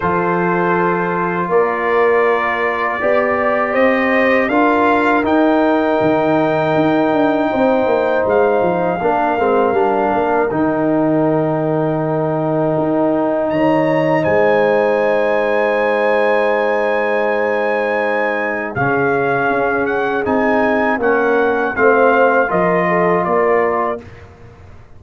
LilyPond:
<<
  \new Staff \with { instrumentName = "trumpet" } { \time 4/4 \tempo 4 = 80 c''2 d''2~ | d''4 dis''4 f''4 g''4~ | g''2. f''4~ | f''2 g''2~ |
g''2 ais''4 gis''4~ | gis''1~ | gis''4 f''4. fis''8 gis''4 | fis''4 f''4 dis''4 d''4 | }
  \new Staff \with { instrumentName = "horn" } { \time 4/4 a'2 ais'2 | d''4 c''4 ais'2~ | ais'2 c''2 | ais'1~ |
ais'2 cis''4 c''4~ | c''1~ | c''4 gis'2. | ais'4 c''4 ais'8 a'8 ais'4 | }
  \new Staff \with { instrumentName = "trombone" } { \time 4/4 f'1 | g'2 f'4 dis'4~ | dis'1 | d'8 c'8 d'4 dis'2~ |
dis'1~ | dis'1~ | dis'4 cis'2 dis'4 | cis'4 c'4 f'2 | }
  \new Staff \with { instrumentName = "tuba" } { \time 4/4 f2 ais2 | b4 c'4 d'4 dis'4 | dis4 dis'8 d'8 c'8 ais8 gis8 f8 | ais8 gis8 g8 ais8 dis2~ |
dis4 dis'4 dis4 gis4~ | gis1~ | gis4 cis4 cis'4 c'4 | ais4 a4 f4 ais4 | }
>>